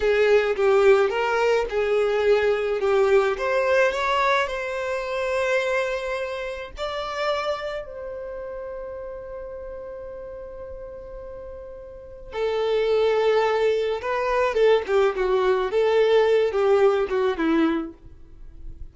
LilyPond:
\new Staff \with { instrumentName = "violin" } { \time 4/4 \tempo 4 = 107 gis'4 g'4 ais'4 gis'4~ | gis'4 g'4 c''4 cis''4 | c''1 | d''2 c''2~ |
c''1~ | c''2 a'2~ | a'4 b'4 a'8 g'8 fis'4 | a'4. g'4 fis'8 e'4 | }